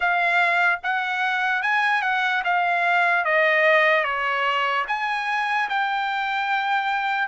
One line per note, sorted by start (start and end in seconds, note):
0.00 0.80 F5
0.83 1.62 F#5
1.62 2.02 G#5
2.02 2.42 F#5
2.44 3.24 F5
3.24 4.04 D#5
4.04 4.85 C#5
4.87 5.68 G#5
5.69 7.28 G5